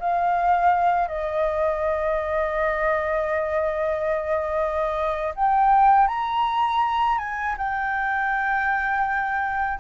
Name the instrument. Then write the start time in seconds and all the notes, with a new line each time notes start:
flute
0.00 F5
1.08 D#5
5.36 G5
6.08 A#5
7.19 G#5
7.58 G5